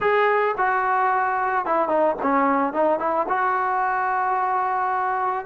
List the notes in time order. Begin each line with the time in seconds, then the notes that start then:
0.00 G#4
0.57 F#4
1.65 E4
1.88 D#4
2.22 C#4
2.73 D#4
2.99 E4
3.28 F#4